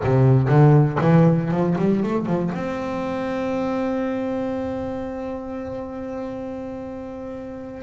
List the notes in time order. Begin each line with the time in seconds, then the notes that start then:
0.03 C3
0.48 D3
1.01 E3
1.51 F3
1.78 G3
2.03 A3
2.26 F3
2.54 C4